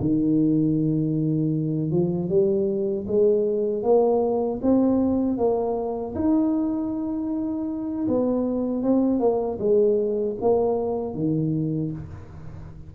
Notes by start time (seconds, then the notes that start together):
0.00 D#3
1.91 F3
2.29 G3
3.07 G#3
3.83 A#3
4.62 C4
5.37 A#3
6.15 D#4
8.08 B3
8.83 C4
9.20 A#3
9.59 G#3
10.41 A#3
11.15 D#3